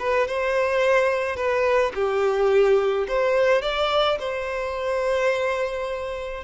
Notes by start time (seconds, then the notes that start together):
0.00 B4
0.28 C5
1.37 B4
1.95 G4
3.08 C5
3.62 D5
4.20 C5